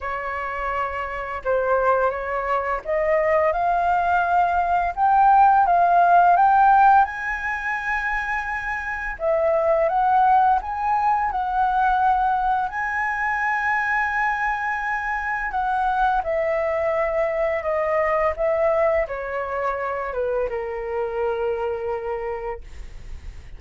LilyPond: \new Staff \with { instrumentName = "flute" } { \time 4/4 \tempo 4 = 85 cis''2 c''4 cis''4 | dis''4 f''2 g''4 | f''4 g''4 gis''2~ | gis''4 e''4 fis''4 gis''4 |
fis''2 gis''2~ | gis''2 fis''4 e''4~ | e''4 dis''4 e''4 cis''4~ | cis''8 b'8 ais'2. | }